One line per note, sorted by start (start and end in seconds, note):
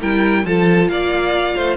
0.00 0.45 G3
0.00 0.45 E4
0.00 0.44 A#4
0.00 0.45 G5
0.45 0.89 F3
0.45 1.77 F4
0.45 0.91 A4
0.45 0.88 A5
0.88 1.55 A#3
0.88 1.56 D5
0.88 1.77 F5
1.56 1.77 A3
1.56 1.77 C5